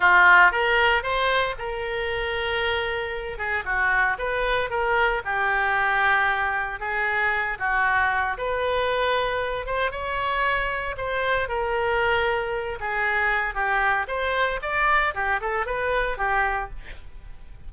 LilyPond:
\new Staff \with { instrumentName = "oboe" } { \time 4/4 \tempo 4 = 115 f'4 ais'4 c''4 ais'4~ | ais'2~ ais'8 gis'8 fis'4 | b'4 ais'4 g'2~ | g'4 gis'4. fis'4. |
b'2~ b'8 c''8 cis''4~ | cis''4 c''4 ais'2~ | ais'8 gis'4. g'4 c''4 | d''4 g'8 a'8 b'4 g'4 | }